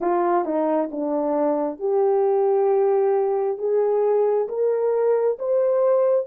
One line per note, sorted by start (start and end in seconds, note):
0.00 0.45 F4
0.45 0.90 D#4
0.91 1.79 D4
1.79 3.58 G4
3.58 4.47 G#4
4.48 5.37 A#4
5.39 6.26 C5